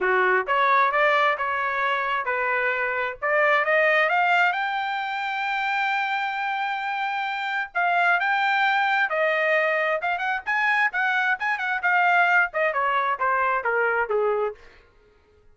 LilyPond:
\new Staff \with { instrumentName = "trumpet" } { \time 4/4 \tempo 4 = 132 fis'4 cis''4 d''4 cis''4~ | cis''4 b'2 d''4 | dis''4 f''4 g''2~ | g''1~ |
g''4 f''4 g''2 | dis''2 f''8 fis''8 gis''4 | fis''4 gis''8 fis''8 f''4. dis''8 | cis''4 c''4 ais'4 gis'4 | }